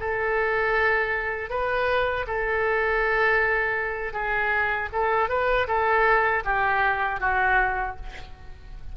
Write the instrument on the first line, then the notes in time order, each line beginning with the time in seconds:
oboe
0.00 A4
1.50 B4
2.27 A4
4.14 G#4
4.93 A4
5.29 B4
5.68 A4
6.45 G4
7.20 F#4